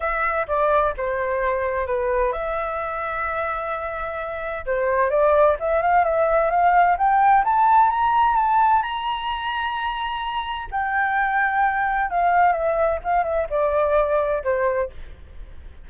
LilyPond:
\new Staff \with { instrumentName = "flute" } { \time 4/4 \tempo 4 = 129 e''4 d''4 c''2 | b'4 e''2.~ | e''2 c''4 d''4 | e''8 f''8 e''4 f''4 g''4 |
a''4 ais''4 a''4 ais''4~ | ais''2. g''4~ | g''2 f''4 e''4 | f''8 e''8 d''2 c''4 | }